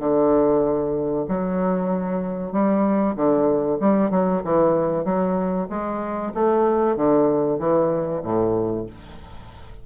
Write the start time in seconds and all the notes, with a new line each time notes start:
0.00 D3
1.28 F#3
2.53 G3
3.16 D3
3.80 G3
4.11 F#3
4.44 E3
5.05 F#3
5.70 G#3
6.35 A3
6.96 D3
7.60 E3
8.23 A2